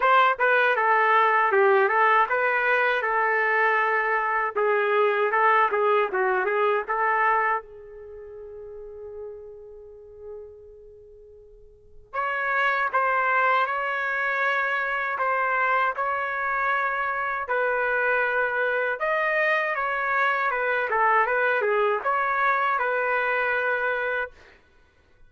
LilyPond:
\new Staff \with { instrumentName = "trumpet" } { \time 4/4 \tempo 4 = 79 c''8 b'8 a'4 g'8 a'8 b'4 | a'2 gis'4 a'8 gis'8 | fis'8 gis'8 a'4 gis'2~ | gis'1 |
cis''4 c''4 cis''2 | c''4 cis''2 b'4~ | b'4 dis''4 cis''4 b'8 a'8 | b'8 gis'8 cis''4 b'2 | }